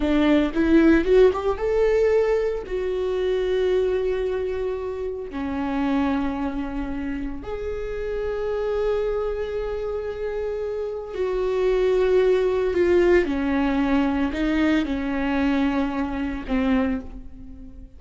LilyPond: \new Staff \with { instrumentName = "viola" } { \time 4/4 \tempo 4 = 113 d'4 e'4 fis'8 g'8 a'4~ | a'4 fis'2.~ | fis'2 cis'2~ | cis'2 gis'2~ |
gis'1~ | gis'4 fis'2. | f'4 cis'2 dis'4 | cis'2. c'4 | }